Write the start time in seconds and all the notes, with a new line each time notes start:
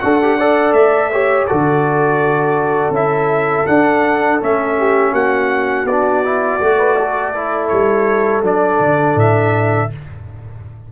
0.00 D4 F#4 A4 F#5
0.22 G4
0.38 A4 D5
0.73 A3 E5
1.12 G4 C#5
1.47 D3 F#4 A4 D5
2.90 C#4 E4 E5
3.67 D4 F#5
4.41 A3 C#4 E5
4.78 G4
5.12 A#3 F#4 F#5
5.85 B3 D4 D5
6.24 E4
6.61 A3 F#4
6.78 B4
6.99 A4
7.35 E4
7.68 G3 C#5
8.42 F#3 D4 D5
8.80 D3
9.15 A2 E5